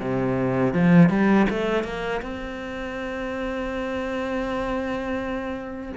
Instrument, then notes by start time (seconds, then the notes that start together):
cello
0.00 C3
0.74 F3
1.10 G3
1.50 A3
1.84 A#3
2.22 C4